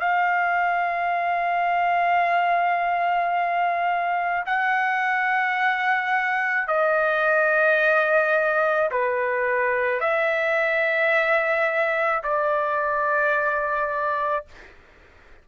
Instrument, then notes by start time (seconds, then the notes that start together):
trumpet
0.00 F5
4.46 F#5
6.68 D#5
8.91 B4
10.01 E5
12.23 D5